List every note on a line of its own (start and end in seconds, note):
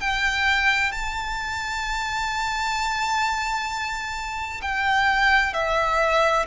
0.00 0.91 G5
0.91 4.61 A5
4.62 5.53 G5
5.53 6.45 E5